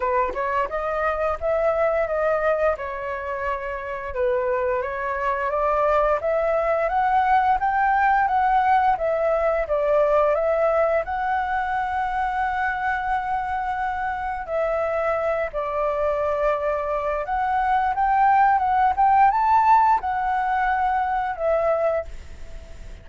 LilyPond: \new Staff \with { instrumentName = "flute" } { \time 4/4 \tempo 4 = 87 b'8 cis''8 dis''4 e''4 dis''4 | cis''2 b'4 cis''4 | d''4 e''4 fis''4 g''4 | fis''4 e''4 d''4 e''4 |
fis''1~ | fis''4 e''4. d''4.~ | d''4 fis''4 g''4 fis''8 g''8 | a''4 fis''2 e''4 | }